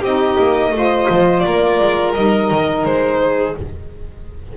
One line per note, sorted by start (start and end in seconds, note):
0.00 0.37 C4
0.00 0.74 D#4
0.00 0.71 G4
0.00 1.39 D#5
0.39 0.71 A#3
0.71 1.06 A3
0.71 2.15 F4
0.71 1.45 C5
1.09 1.45 F3
1.39 3.21 A#4
1.39 2.10 D5
1.46 1.79 A#3
1.79 2.15 G#3
2.14 2.50 G3
2.14 3.57 D#4
2.14 2.85 D#5
2.50 2.84 D#3
2.84 3.55 G#3
2.84 3.56 C5
3.21 3.56 G#4